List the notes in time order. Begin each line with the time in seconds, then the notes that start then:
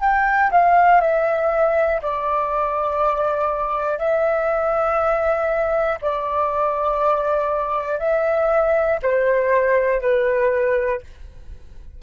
0.00 G5
0.51 F5
1.00 E5
2.02 D5
3.98 E5
6.01 D5
7.99 E5
9.02 C5
10.00 B4